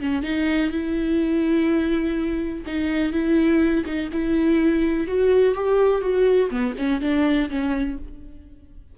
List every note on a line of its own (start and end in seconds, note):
0.00 0.23 C#4
0.23 0.71 D#4
0.71 2.65 E4
2.67 3.13 D#4
3.13 3.85 E4
3.86 4.10 D#4
4.13 5.08 E4
5.08 5.55 F#4
5.55 6.02 G4
6.02 6.50 F#4
6.51 6.75 B3
6.78 7.01 C#4
7.01 7.50 D4
7.50 7.98 C#4